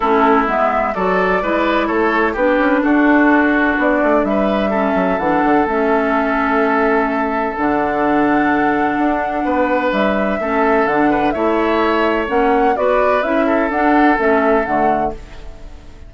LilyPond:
<<
  \new Staff \with { instrumentName = "flute" } { \time 4/4 \tempo 4 = 127 a'4 e''4 d''2 | cis''4 b'4 a'2 | d''4 e''2 fis''4 | e''1 |
fis''1~ | fis''4 e''2 fis''4 | e''2 fis''4 d''4 | e''4 fis''4 e''4 fis''4 | }
  \new Staff \with { instrumentName = "oboe" } { \time 4/4 e'2 a'4 b'4 | a'4 g'4 fis'2~ | fis'4 b'4 a'2~ | a'1~ |
a'1 | b'2 a'4. b'8 | cis''2. b'4~ | b'8 a'2.~ a'8 | }
  \new Staff \with { instrumentName = "clarinet" } { \time 4/4 cis'4 b4 fis'4 e'4~ | e'4 d'2.~ | d'2 cis'4 d'4 | cis'1 |
d'1~ | d'2 cis'4 d'4 | e'2 cis'4 fis'4 | e'4 d'4 cis'4 a4 | }
  \new Staff \with { instrumentName = "bassoon" } { \time 4/4 a4 gis4 fis4 gis4 | a4 b8 cis'8 d'2 | b8 a8 g4. fis8 e8 d8 | a1 |
d2. d'4 | b4 g4 a4 d4 | a2 ais4 b4 | cis'4 d'4 a4 d4 | }
>>